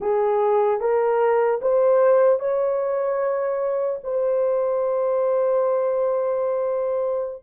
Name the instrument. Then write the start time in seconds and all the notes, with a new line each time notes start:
horn
0.00 G#4
0.80 A#4
1.61 C5
2.39 C#5
4.03 C5